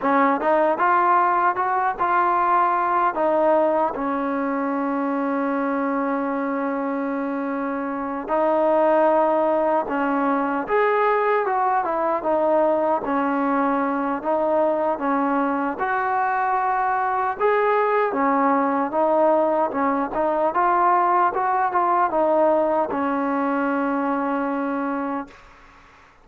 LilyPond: \new Staff \with { instrumentName = "trombone" } { \time 4/4 \tempo 4 = 76 cis'8 dis'8 f'4 fis'8 f'4. | dis'4 cis'2.~ | cis'2~ cis'8 dis'4.~ | dis'8 cis'4 gis'4 fis'8 e'8 dis'8~ |
dis'8 cis'4. dis'4 cis'4 | fis'2 gis'4 cis'4 | dis'4 cis'8 dis'8 f'4 fis'8 f'8 | dis'4 cis'2. | }